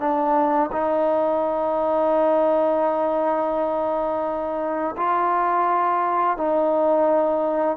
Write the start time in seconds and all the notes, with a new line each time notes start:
0.00 D4
0.73 D#4
4.97 F4
6.38 D#4